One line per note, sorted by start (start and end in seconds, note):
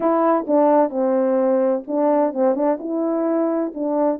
0.00 0.45 E4
0.47 0.90 D4
0.90 1.83 C4
1.87 2.33 D4
2.33 2.55 C4
2.55 2.78 D4
2.79 3.72 E4
3.74 4.19 D4